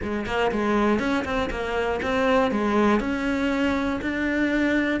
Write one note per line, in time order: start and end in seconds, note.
0.02 0.26 G#3
0.26 0.51 A#3
0.51 0.99 G#3
0.99 1.24 C#4
1.24 1.49 C4
1.50 2.00 A#3
2.02 2.51 C4
2.51 3.00 G#3
3.00 4.00 C#4
4.01 5.00 D4